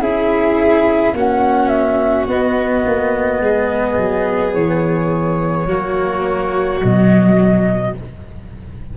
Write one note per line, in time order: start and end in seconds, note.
0.00 1.13 C#4
0.00 1.15 E4
0.00 1.15 G#4
0.00 1.15 E5
1.13 2.26 A#3
1.13 2.30 C#4
1.13 3.42 F#4
1.13 1.69 F#5
1.69 2.25 E5
2.28 2.84 B3
2.28 5.68 B3
2.28 4.54 D#5
2.86 3.41 A#3
3.41 3.97 G#3
3.41 5.67 G#4
3.98 4.54 F#3
4.54 5.67 E3
4.54 6.80 C#5
5.67 6.80 F#3
5.67 6.81 A#3
5.67 7.93 F#4
6.81 7.98 B2
6.81 7.94 F#3
6.81 7.96 D#5